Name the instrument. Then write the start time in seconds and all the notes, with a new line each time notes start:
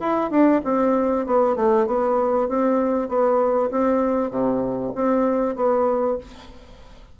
bassoon
0.00 E4
0.31 D4
0.64 C4
1.27 B3
1.56 A3
1.87 B3
2.49 C4
3.08 B3
3.71 C4
4.30 C3
4.95 C4
5.56 B3